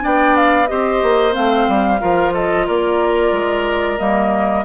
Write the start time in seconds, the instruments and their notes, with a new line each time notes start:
0.00 bassoon B3, clarinet D4, oboe D5, flute G5
0.37 flute F5
0.67 bassoon C4, clarinet G4, oboe C5, flute D#5
1.02 bassoon A#3
1.32 bassoon A3, clarinet C4, flute F5
1.68 bassoon G3
2.00 bassoon F3, clarinet F4, oboe A#4
2.33 oboe A4, flute D#5
2.66 bassoon A#3, oboe A#4, flute D5
3.32 bassoon G#3
3.98 bassoon G3, clarinet A#3, flute D#5